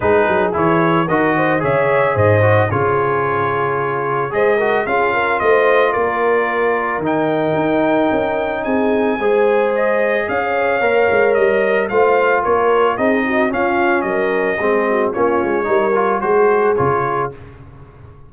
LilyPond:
<<
  \new Staff \with { instrumentName = "trumpet" } { \time 4/4 \tempo 4 = 111 b'4 cis''4 dis''4 e''4 | dis''4 cis''2. | dis''4 f''4 dis''4 d''4~ | d''4 g''2. |
gis''2 dis''4 f''4~ | f''4 dis''4 f''4 cis''4 | dis''4 f''4 dis''2 | cis''2 c''4 cis''4 | }
  \new Staff \with { instrumentName = "horn" } { \time 4/4 gis'2 ais'8 c''8 cis''4 | c''4 gis'2. | c''8 ais'8 gis'8 ais'8 c''4 ais'4~ | ais'1 |
gis'4 c''2 cis''4~ | cis''2 c''4 ais'4 | gis'8 fis'8 f'4 ais'4 gis'8 fis'8 | f'4 ais'4 gis'2 | }
  \new Staff \with { instrumentName = "trombone" } { \time 4/4 dis'4 e'4 fis'4 gis'4~ | gis'8 fis'8 f'2. | gis'8 fis'8 f'2.~ | f'4 dis'2.~ |
dis'4 gis'2. | ais'2 f'2 | dis'4 cis'2 c'4 | cis'4 dis'8 f'8 fis'4 f'4 | }
  \new Staff \with { instrumentName = "tuba" } { \time 4/4 gis8 fis8 e4 dis4 cis4 | gis,4 cis2. | gis4 cis'4 a4 ais4~ | ais4 dis4 dis'4 cis'4 |
c'4 gis2 cis'4 | ais8 gis8 g4 a4 ais4 | c'4 cis'4 fis4 gis4 | ais8 gis8 g4 gis4 cis4 | }
>>